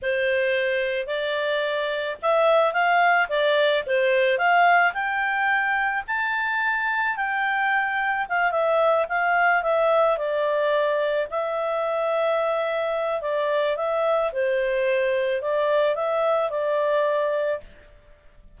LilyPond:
\new Staff \with { instrumentName = "clarinet" } { \time 4/4 \tempo 4 = 109 c''2 d''2 | e''4 f''4 d''4 c''4 | f''4 g''2 a''4~ | a''4 g''2 f''8 e''8~ |
e''8 f''4 e''4 d''4.~ | d''8 e''2.~ e''8 | d''4 e''4 c''2 | d''4 e''4 d''2 | }